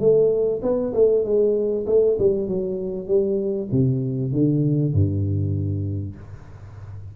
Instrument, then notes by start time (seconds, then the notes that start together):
tuba
0.00 A3
0.62 B3
0.94 A3
1.24 G#3
1.86 A3
2.18 G3
2.48 F#3
3.08 G3
3.72 C3
4.32 D3
4.94 G2